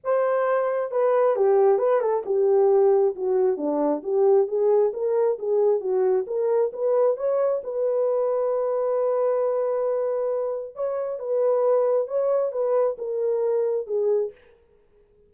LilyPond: \new Staff \with { instrumentName = "horn" } { \time 4/4 \tempo 4 = 134 c''2 b'4 g'4 | b'8 a'8 g'2 fis'4 | d'4 g'4 gis'4 ais'4 | gis'4 fis'4 ais'4 b'4 |
cis''4 b'2.~ | b'1 | cis''4 b'2 cis''4 | b'4 ais'2 gis'4 | }